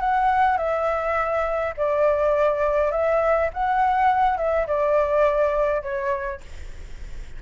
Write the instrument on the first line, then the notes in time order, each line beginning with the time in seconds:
flute
0.00 F#5
0.57 E5
1.77 D5
2.91 E5
3.53 F#5
4.37 E5
4.67 D5
5.82 C#5